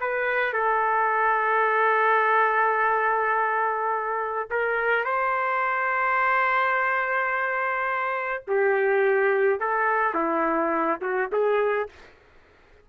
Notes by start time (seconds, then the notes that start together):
0.00 B4
0.53 A4
4.50 A#4
5.05 C5
8.47 G4
9.60 A4
10.14 E4
11.01 F#4
11.32 G#4